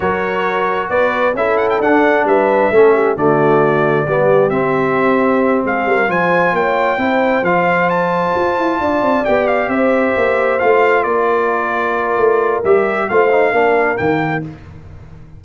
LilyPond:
<<
  \new Staff \with { instrumentName = "trumpet" } { \time 4/4 \tempo 4 = 133 cis''2 d''4 e''8 fis''16 g''16 | fis''4 e''2 d''4~ | d''2 e''2~ | e''8 f''4 gis''4 g''4.~ |
g''8 f''4 a''2~ a''8~ | a''8 g''8 f''8 e''2 f''8~ | f''8 d''2.~ d''8 | e''4 f''2 g''4 | }
  \new Staff \with { instrumentName = "horn" } { \time 4/4 ais'2 b'4 a'4~ | a'4 b'4 a'8 g'8 fis'4~ | fis'4 g'2.~ | g'8 gis'8 ais'8 c''4 cis''4 c''8~ |
c''2.~ c''8 d''8~ | d''4. c''2~ c''8~ | c''8 ais'2.~ ais'8~ | ais'4 c''4 ais'2 | }
  \new Staff \with { instrumentName = "trombone" } { \time 4/4 fis'2. e'4 | d'2 cis'4 a4~ | a4 b4 c'2~ | c'4. f'2 e'8~ |
e'8 f'2.~ f'8~ | f'8 g'2. f'8~ | f'1 | g'4 f'8 dis'8 d'4 ais4 | }
  \new Staff \with { instrumentName = "tuba" } { \time 4/4 fis2 b4 cis'4 | d'4 g4 a4 d4~ | d4 g4 c'2~ | c'8 gis8 g8 f4 ais4 c'8~ |
c'8 f2 f'8 e'8 d'8 | c'8 b4 c'4 ais4 a8~ | a8 ais2~ ais8 a4 | g4 a4 ais4 dis4 | }
>>